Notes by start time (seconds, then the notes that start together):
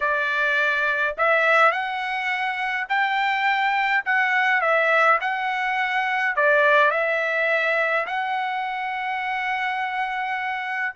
0.00 D5
1.17 E5
1.71 F#5
2.88 G5
4.05 F#5
4.61 E5
5.21 F#5
6.36 D5
6.90 E5
8.06 F#5